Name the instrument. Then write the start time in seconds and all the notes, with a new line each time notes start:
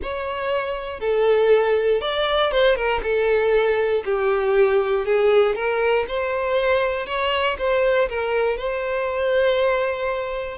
violin
0.02 C#5
1.00 A4
2.01 D5
2.51 C5
2.75 A#4
3.03 A4
4.04 G4
5.05 G#4
5.55 A#4
6.08 C5
7.06 C#5
7.58 C5
8.09 A#4
8.57 C5